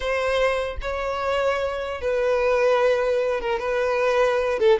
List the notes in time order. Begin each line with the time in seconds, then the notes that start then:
0.00 C5
0.81 C#5
2.01 B4
3.41 A#4
3.59 B4
4.59 A4